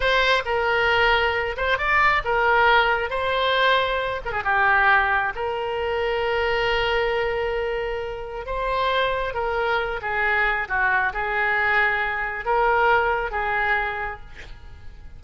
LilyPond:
\new Staff \with { instrumentName = "oboe" } { \time 4/4 \tempo 4 = 135 c''4 ais'2~ ais'8 c''8 | d''4 ais'2 c''4~ | c''4. ais'16 gis'16 g'2 | ais'1~ |
ais'2. c''4~ | c''4 ais'4. gis'4. | fis'4 gis'2. | ais'2 gis'2 | }